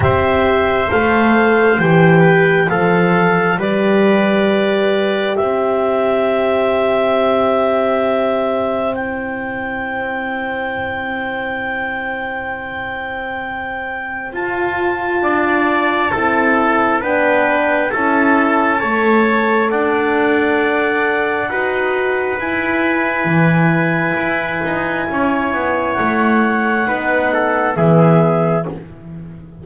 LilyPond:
<<
  \new Staff \with { instrumentName = "clarinet" } { \time 4/4 \tempo 4 = 67 e''4 f''4 g''4 f''4 | d''2 e''2~ | e''2 g''2~ | g''1 |
a''2. g''4 | a''2 fis''2~ | fis''4 gis''2.~ | gis''4 fis''2 e''4 | }
  \new Staff \with { instrumentName = "trumpet" } { \time 4/4 c''2~ c''8 b'8 a'4 | b'2 c''2~ | c''1~ | c''1~ |
c''4 d''4 a'4 b'4 | a'4 cis''4 d''2 | b'1 | cis''2 b'8 a'8 gis'4 | }
  \new Staff \with { instrumentName = "horn" } { \time 4/4 g'4 a'4 g'4 a'4 | g'1~ | g'2 e'2~ | e'1 |
f'2 e'4 d'4 | e'4 a'2. | fis'4 e'2.~ | e'2 dis'4 b4 | }
  \new Staff \with { instrumentName = "double bass" } { \time 4/4 c'4 a4 e4 f4 | g2 c'2~ | c'1~ | c'1 |
f'4 d'4 c'4 b4 | cis'4 a4 d'2 | dis'4 e'4 e4 e'8 dis'8 | cis'8 b8 a4 b4 e4 | }
>>